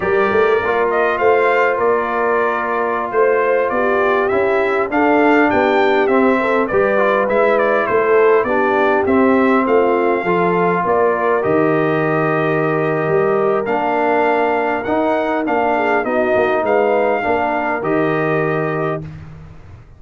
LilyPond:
<<
  \new Staff \with { instrumentName = "trumpet" } { \time 4/4 \tempo 4 = 101 d''4. dis''8 f''4 d''4~ | d''4~ d''16 c''4 d''4 e''8.~ | e''16 f''4 g''4 e''4 d''8.~ | d''16 e''8 d''8 c''4 d''4 e''8.~ |
e''16 f''2 d''4 dis''8.~ | dis''2. f''4~ | f''4 fis''4 f''4 dis''4 | f''2 dis''2 | }
  \new Staff \with { instrumentName = "horn" } { \time 4/4 ais'2 c''4 ais'4~ | ais'4~ ais'16 c''4 g'4.~ g'16~ | g'16 a'4 g'4. a'8 b'8.~ | b'4~ b'16 a'4 g'4.~ g'16~ |
g'16 f'4 a'4 ais'4.~ ais'16~ | ais'1~ | ais'2~ ais'8 gis'8 fis'4 | b'4 ais'2. | }
  \new Staff \with { instrumentName = "trombone" } { \time 4/4 g'4 f'2.~ | f'2.~ f'16 e'8.~ | e'16 d'2 c'4 g'8 f'16~ | f'16 e'2 d'4 c'8.~ |
c'4~ c'16 f'2 g'8.~ | g'2. d'4~ | d'4 dis'4 d'4 dis'4~ | dis'4 d'4 g'2 | }
  \new Staff \with { instrumentName = "tuba" } { \time 4/4 g8 a8 ais4 a4 ais4~ | ais4~ ais16 a4 b4 cis'8.~ | cis'16 d'4 b4 c'4 g8.~ | g16 gis4 a4 b4 c'8.~ |
c'16 a4 f4 ais4 dis8.~ | dis2 g4 ais4~ | ais4 dis'4 ais4 b8 ais8 | gis4 ais4 dis2 | }
>>